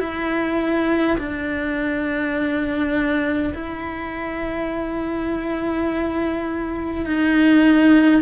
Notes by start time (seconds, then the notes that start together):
0.00 E4
1.18 D4
3.54 E4
7.06 D#4